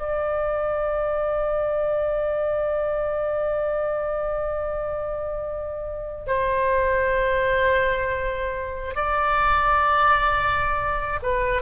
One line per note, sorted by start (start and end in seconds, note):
0.00 6.27 D5
6.27 8.96 C5
8.96 11.20 D5
11.23 11.63 B4